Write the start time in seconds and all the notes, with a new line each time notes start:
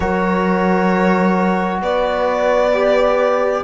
0.00 F#3 F#4 A#4 C#5
1.81 B3 B4 D5
2.73 G4